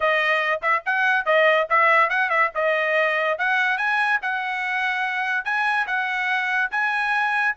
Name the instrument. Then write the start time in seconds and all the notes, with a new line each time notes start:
trumpet
0.00 D#5
0.62 E5
0.85 F#5
1.25 D#5
1.69 E5
2.09 F#5
2.29 E5
2.55 D#5
3.38 F#5
3.77 G#5
4.22 F#5
5.44 G#5
5.86 F#5
6.71 G#5